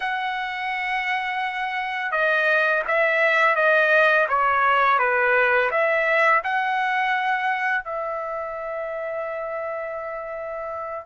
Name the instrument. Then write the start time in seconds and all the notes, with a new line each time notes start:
trumpet
0.00 F#5
2.11 D#5
2.87 E5
3.55 D#5
4.29 C#5
4.98 B4
5.70 E5
6.43 F#5
7.84 E5